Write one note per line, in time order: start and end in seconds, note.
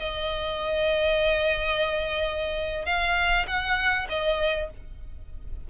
0.00 2.86 D#5
2.86 3.47 F5
3.48 4.08 F#5
4.10 4.71 D#5